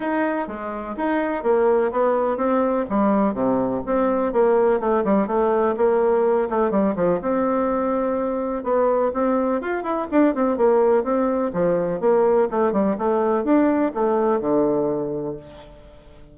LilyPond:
\new Staff \with { instrumentName = "bassoon" } { \time 4/4 \tempo 4 = 125 dis'4 gis4 dis'4 ais4 | b4 c'4 g4 c4 | c'4 ais4 a8 g8 a4 | ais4. a8 g8 f8 c'4~ |
c'2 b4 c'4 | f'8 e'8 d'8 c'8 ais4 c'4 | f4 ais4 a8 g8 a4 | d'4 a4 d2 | }